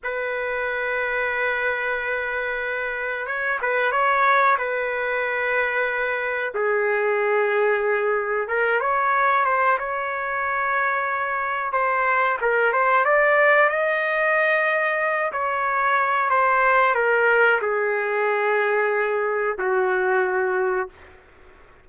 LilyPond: \new Staff \with { instrumentName = "trumpet" } { \time 4/4 \tempo 4 = 92 b'1~ | b'4 cis''8 b'8 cis''4 b'4~ | b'2 gis'2~ | gis'4 ais'8 cis''4 c''8 cis''4~ |
cis''2 c''4 ais'8 c''8 | d''4 dis''2~ dis''8 cis''8~ | cis''4 c''4 ais'4 gis'4~ | gis'2 fis'2 | }